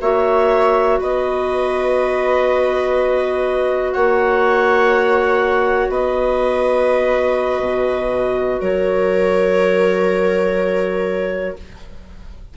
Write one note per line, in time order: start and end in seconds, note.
0.00 0.99 A#3
0.00 11.56 F#4
0.00 0.99 C#5
0.00 0.99 E5
0.99 3.94 B3
0.99 3.93 B4
0.99 3.92 D#5
3.92 5.88 A#3
3.92 5.90 C#5
3.92 5.89 F#5
5.88 7.60 B3
5.88 8.60 B4
5.88 8.61 D#5
7.60 8.58 B2
8.60 11.56 F#3
8.60 11.56 A#4
8.60 11.56 C#5